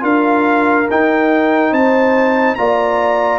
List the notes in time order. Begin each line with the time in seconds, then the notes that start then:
0.00 D4 F4 A#4 F5
0.90 D#4 G5
1.71 C4 C5 A5
2.55 A#3 F4 D5 A#5